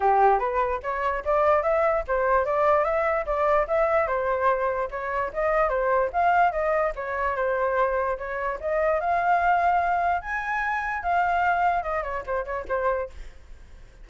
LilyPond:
\new Staff \with { instrumentName = "flute" } { \time 4/4 \tempo 4 = 147 g'4 b'4 cis''4 d''4 | e''4 c''4 d''4 e''4 | d''4 e''4 c''2 | cis''4 dis''4 c''4 f''4 |
dis''4 cis''4 c''2 | cis''4 dis''4 f''2~ | f''4 gis''2 f''4~ | f''4 dis''8 cis''8 c''8 cis''8 c''4 | }